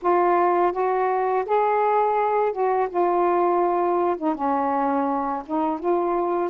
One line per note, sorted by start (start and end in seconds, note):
0.02 0.72 F4
0.72 1.45 F#4
1.45 2.52 G#4
2.52 2.88 F#4
2.89 4.16 F4
4.17 4.34 D#4
4.34 5.43 C#4
5.46 5.79 D#4
5.79 6.50 F4